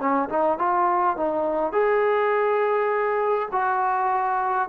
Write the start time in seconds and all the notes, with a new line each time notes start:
0.00 C#4
0.30 D#4
0.59 F4
1.17 D#4
1.73 G#4
3.53 F#4